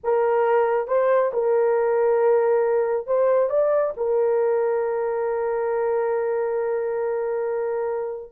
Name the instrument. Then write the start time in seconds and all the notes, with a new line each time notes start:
horn
0.03 A#4
0.87 C5
1.33 A#4
3.06 C5
3.49 D5
3.96 A#4